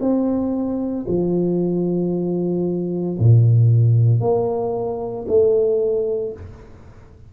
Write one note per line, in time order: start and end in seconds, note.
0.00 1.05 C4
1.08 3.18 F3
3.19 4.21 A#2
4.21 5.26 A#3
5.28 6.33 A3